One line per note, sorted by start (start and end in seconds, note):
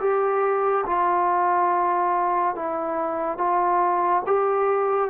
0.00 0.85 G4
0.86 2.55 F4
2.55 3.38 E4
3.38 4.22 F4
4.26 5.10 G4